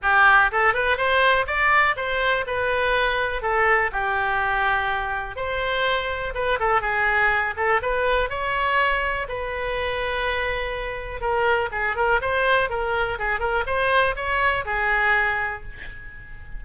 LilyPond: \new Staff \with { instrumentName = "oboe" } { \time 4/4 \tempo 4 = 123 g'4 a'8 b'8 c''4 d''4 | c''4 b'2 a'4 | g'2. c''4~ | c''4 b'8 a'8 gis'4. a'8 |
b'4 cis''2 b'4~ | b'2. ais'4 | gis'8 ais'8 c''4 ais'4 gis'8 ais'8 | c''4 cis''4 gis'2 | }